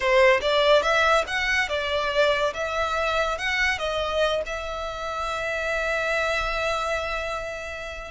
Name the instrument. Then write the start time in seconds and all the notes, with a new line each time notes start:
violin
0.00 C5
0.41 D5
0.82 E5
1.27 F#5
1.68 D5
2.53 E5
3.38 F#5
3.78 D#5
4.46 E5